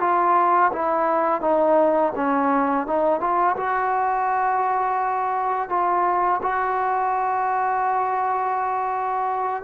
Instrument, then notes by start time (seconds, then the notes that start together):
trombone
0.00 F4
0.73 E4
1.41 D#4
2.16 C#4
2.87 D#4
3.20 F4
3.57 F#4
5.69 F4
6.43 F#4